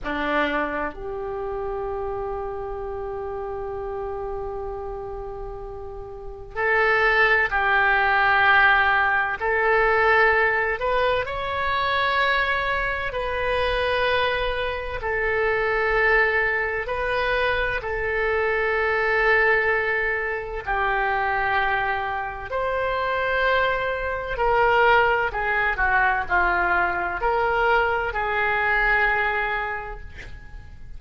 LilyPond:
\new Staff \with { instrumentName = "oboe" } { \time 4/4 \tempo 4 = 64 d'4 g'2.~ | g'2. a'4 | g'2 a'4. b'8 | cis''2 b'2 |
a'2 b'4 a'4~ | a'2 g'2 | c''2 ais'4 gis'8 fis'8 | f'4 ais'4 gis'2 | }